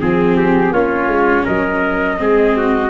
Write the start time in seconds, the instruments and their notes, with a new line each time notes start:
0.00 tuba F3, viola C4, trumpet G#4, flute G#4
0.36 trumpet G4
0.71 tuba A#3, viola C#4, trumpet F4, flute C#5
1.07 tuba G#3
1.45 tuba F#3, trumpet A#4, flute D#5
2.17 tuba G#3, viola C4, trumpet G#4
2.57 trumpet F#4